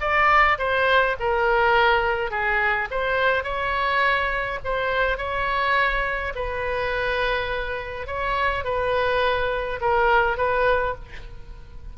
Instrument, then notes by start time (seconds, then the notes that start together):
oboe
0.00 D5
0.58 C5
1.19 A#4
2.30 G#4
2.90 C5
3.43 C#5
4.64 C5
5.17 C#5
6.35 B4
8.06 C#5
8.64 B4
9.80 A#4
10.37 B4